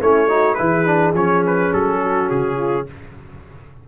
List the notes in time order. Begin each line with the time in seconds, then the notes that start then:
0.00 A3 C#4 E4 C#5
0.28 D#4 F#4
0.54 E3 E4 G#4 B4
0.85 D4
1.13 F3 C#4 C#5
1.46 B4
1.73 F#3 A4
2.02 F#4
2.29 C#3 G#4
2.56 F4